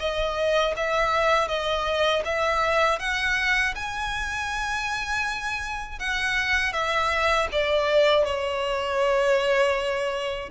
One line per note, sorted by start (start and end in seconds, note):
0.00 0.75 D#5
0.77 1.48 E5
1.48 2.23 D#5
2.25 3.00 E5
3.00 3.75 F#5
3.76 6.00 G#5
6.00 6.73 F#5
6.73 7.48 E5
7.52 8.25 D5
8.25 10.50 C#5